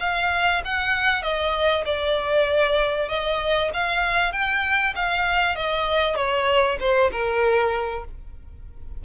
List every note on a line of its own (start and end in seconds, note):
0.00 0.62 F5
0.65 1.23 F#5
1.23 1.84 D#5
1.85 3.09 D5
3.09 3.71 D#5
3.74 4.32 F5
4.32 4.94 G5
4.96 5.56 F5
5.56 6.16 D#5
6.16 6.78 C#5
6.80 7.11 C5
7.12 8.04 A#4